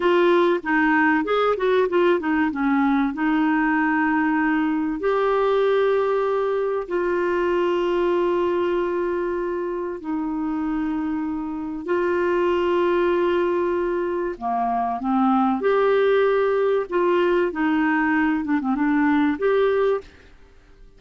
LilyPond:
\new Staff \with { instrumentName = "clarinet" } { \time 4/4 \tempo 4 = 96 f'4 dis'4 gis'8 fis'8 f'8 dis'8 | cis'4 dis'2. | g'2. f'4~ | f'1 |
dis'2. f'4~ | f'2. ais4 | c'4 g'2 f'4 | dis'4. d'16 c'16 d'4 g'4 | }